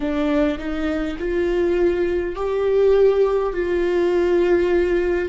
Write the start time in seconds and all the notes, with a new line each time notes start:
0.00 D4
0.58 D#4
1.18 F4
2.35 G4
3.53 F4